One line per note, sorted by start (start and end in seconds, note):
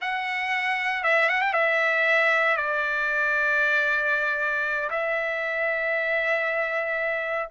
0.01 1.03 F#5
1.03 1.29 E5
1.29 1.41 F#5
1.41 1.53 G5
1.53 2.56 E5
2.56 4.89 D5
4.90 7.48 E5